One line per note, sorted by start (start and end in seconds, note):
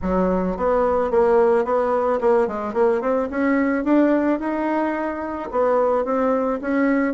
0.02 0.57 F#3
0.57 1.10 B3
1.10 1.64 A#3
1.64 2.19 B3
2.20 2.47 A#3
2.47 2.73 G#3
2.73 3.01 A#3
3.01 3.28 C4
3.30 3.84 C#4
3.84 4.39 D4
4.39 5.49 D#4
5.51 6.05 B3
6.05 6.60 C4
6.61 7.13 C#4